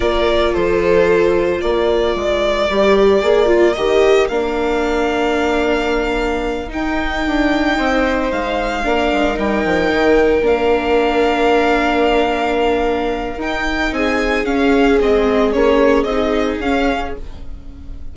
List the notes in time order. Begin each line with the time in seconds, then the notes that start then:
0.00 A#3 F4 A#4 D5
0.53 F3 A4 C5
1.58 A#3 A#4 D5
2.15 G#3
2.69 G3 G4
3.22 A#3 G#4
3.46 F4
3.73 D#3 G4 D#5
4.28 A#3 D4 F5
6.68 D#4 G5
6.74 D#4
7.26 D4
7.77 C4 C5
8.31 G#3 F5
8.83 A#3 D4 A#4
9.12 G#3
9.34 G3 D#4 G5
9.64 F3
9.92 D#3
10.41 A#3 D4 F5
13.37 D#4 G5
13.91 C4 G#4 G#5
14.44 C#4 F5
15.00 G#3 C4 D#5
15.52 A#3 C#4 C#5
16.03 C4 D#5
16.10 D#4
16.59 C#4 F5